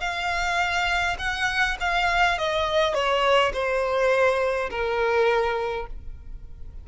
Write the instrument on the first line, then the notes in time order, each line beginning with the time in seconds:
violin
0.00 F5
1.19 F#5
1.80 F5
2.38 D#5
2.94 C#5
3.53 C5
4.70 A#4